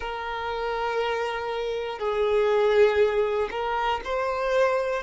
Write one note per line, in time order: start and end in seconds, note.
0.00 1.99 A#4
1.99 3.49 G#4
3.50 4.00 A#4
4.04 5.03 C5